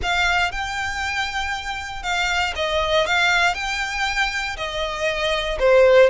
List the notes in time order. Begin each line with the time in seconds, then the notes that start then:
0.02 F5
0.51 G5
2.02 F5
2.55 D#5
3.06 F5
3.54 G5
4.56 D#5
5.59 C5